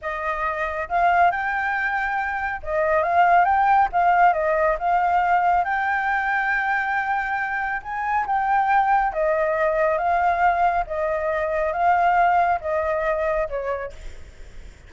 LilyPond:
\new Staff \with { instrumentName = "flute" } { \time 4/4 \tempo 4 = 138 dis''2 f''4 g''4~ | g''2 dis''4 f''4 | g''4 f''4 dis''4 f''4~ | f''4 g''2.~ |
g''2 gis''4 g''4~ | g''4 dis''2 f''4~ | f''4 dis''2 f''4~ | f''4 dis''2 cis''4 | }